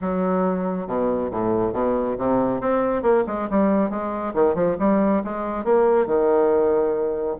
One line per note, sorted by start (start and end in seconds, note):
0.01 0.87 F#3
0.87 1.30 B2
1.31 1.73 A2
1.73 2.16 B2
2.17 2.61 C3
2.61 3.02 C4
3.02 3.24 A#3
3.26 3.48 G#3
3.50 3.89 G3
3.89 4.33 G#3
4.34 4.54 D#3
4.54 4.76 F3
4.79 5.22 G3
5.24 5.64 G#3
5.64 6.06 A#3
6.06 7.37 D#3